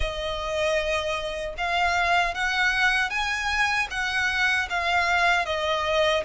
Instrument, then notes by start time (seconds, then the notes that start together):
violin
0.00 D#5
1.57 F5
2.34 F#5
3.10 G#5
3.90 F#5
4.69 F5
5.45 D#5